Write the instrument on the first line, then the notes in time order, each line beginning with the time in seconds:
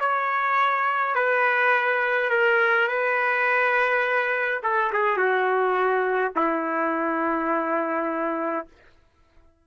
trumpet
0.00 C#5
1.15 B4
2.30 A#4
2.88 B4
4.63 A4
4.93 G#4
5.17 F#4
6.36 E4